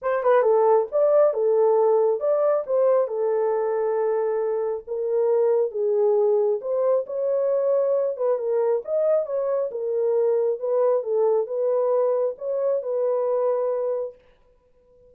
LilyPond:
\new Staff \with { instrumentName = "horn" } { \time 4/4 \tempo 4 = 136 c''8 b'8 a'4 d''4 a'4~ | a'4 d''4 c''4 a'4~ | a'2. ais'4~ | ais'4 gis'2 c''4 |
cis''2~ cis''8 b'8 ais'4 | dis''4 cis''4 ais'2 | b'4 a'4 b'2 | cis''4 b'2. | }